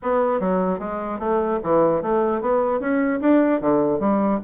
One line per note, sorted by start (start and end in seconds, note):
0.02 0.40 B3
0.40 0.79 F#3
0.79 1.19 G#3
1.19 1.59 A3
1.63 2.02 E3
2.02 2.41 A3
2.41 2.80 B3
2.80 3.20 C#4
3.20 3.60 D4
3.60 3.99 D3
3.99 4.39 G3